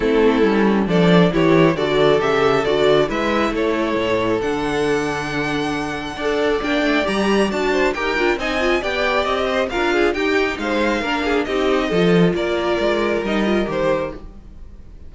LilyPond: <<
  \new Staff \with { instrumentName = "violin" } { \time 4/4 \tempo 4 = 136 a'2 d''4 cis''4 | d''4 e''4 d''4 e''4 | cis''2 fis''2~ | fis''2. g''4 |
ais''4 a''4 g''4 gis''4 | g''4 dis''4 f''4 g''4 | f''2 dis''2 | d''2 dis''4 c''4 | }
  \new Staff \with { instrumentName = "violin" } { \time 4/4 e'2 a'4 g'4 | a'2. b'4 | a'1~ | a'2 d''2~ |
d''4. c''8 ais'4 dis''4 | d''4. c''8 ais'8 gis'8 g'4 | c''4 ais'8 gis'8 g'4 a'4 | ais'1 | }
  \new Staff \with { instrumentName = "viola" } { \time 4/4 c'4 cis'4 d'4 e'4 | fis'4 g'4 fis'4 e'4~ | e'2 d'2~ | d'2 a'4 d'4 |
g'4 fis'4 g'8 f'8 dis'8 f'8 | g'2 f'4 dis'4~ | dis'4 d'4 dis'4 f'4~ | f'2 dis'8 f'8 g'4 | }
  \new Staff \with { instrumentName = "cello" } { \time 4/4 a4 g4 f4 e4 | d4 cis4 d4 gis4 | a4 a,4 d2~ | d2 d'4 ais8 a8 |
g4 d'4 dis'8 d'8 c'4 | b4 c'4 d'4 dis'4 | gis4 ais4 c'4 f4 | ais4 gis4 g4 dis4 | }
>>